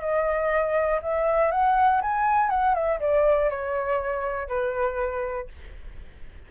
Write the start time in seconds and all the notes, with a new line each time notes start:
0.00 D#5
1.02 E5
1.51 F#5
2.01 G#5
2.49 F#5
2.74 E5
3.00 D5
3.50 C#5
4.47 B4